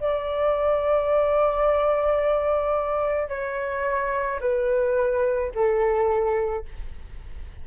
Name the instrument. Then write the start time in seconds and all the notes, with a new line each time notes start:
flute
0.00 D5
3.29 C#5
4.41 B4
5.55 A4